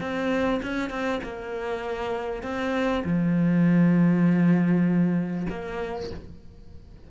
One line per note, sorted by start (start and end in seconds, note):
0.00 0.61 C4
0.62 0.90 C#4
0.90 1.20 C4
1.23 2.43 A#3
2.43 3.03 C4
3.04 5.47 F3
5.50 6.10 A#3